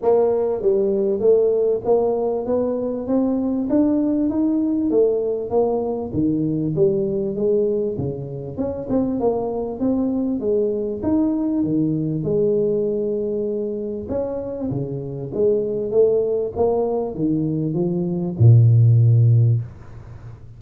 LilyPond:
\new Staff \with { instrumentName = "tuba" } { \time 4/4 \tempo 4 = 98 ais4 g4 a4 ais4 | b4 c'4 d'4 dis'4 | a4 ais4 dis4 g4 | gis4 cis4 cis'8 c'8 ais4 |
c'4 gis4 dis'4 dis4 | gis2. cis'4 | cis4 gis4 a4 ais4 | dis4 f4 ais,2 | }